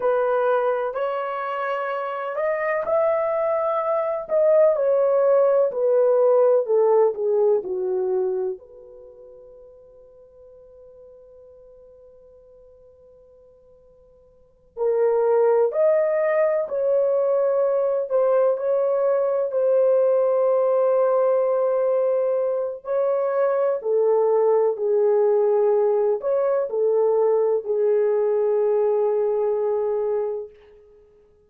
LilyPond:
\new Staff \with { instrumentName = "horn" } { \time 4/4 \tempo 4 = 63 b'4 cis''4. dis''8 e''4~ | e''8 dis''8 cis''4 b'4 a'8 gis'8 | fis'4 b'2.~ | b'2.~ b'8 ais'8~ |
ais'8 dis''4 cis''4. c''8 cis''8~ | cis''8 c''2.~ c''8 | cis''4 a'4 gis'4. cis''8 | a'4 gis'2. | }